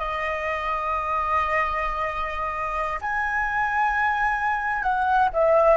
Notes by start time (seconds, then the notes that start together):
0.00 D#5
3.02 G#5
4.83 F#5
5.34 E5